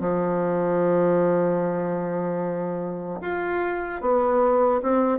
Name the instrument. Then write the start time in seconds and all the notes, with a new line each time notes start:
bassoon
0.00 F3
3.21 F4
4.01 B3
4.83 C4